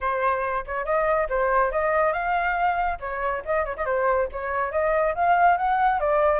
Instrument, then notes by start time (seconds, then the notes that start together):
flute
0.00 C5
0.66 C#5
0.85 D#5
1.29 C5
1.71 D#5
2.13 F5
2.99 C#5
3.45 D#5
3.65 C#5
3.76 D#5
3.85 C5
4.32 C#5
4.71 D#5
5.14 F5
5.57 F#5
6.00 D5